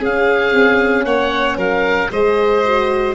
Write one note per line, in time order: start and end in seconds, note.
0.00 0.52 C#4
0.00 2.11 C#4
0.00 1.05 G#4
0.00 1.05 F5
0.52 1.04 C4
1.04 1.57 A#3
1.04 1.57 C#5
1.04 1.57 F#5
1.57 2.09 F#3
1.57 2.09 A#4
1.57 2.12 F5
2.11 3.15 G#3
2.11 2.64 G#4
2.11 3.15 C5
2.11 3.15 D#5
2.65 3.15 F#4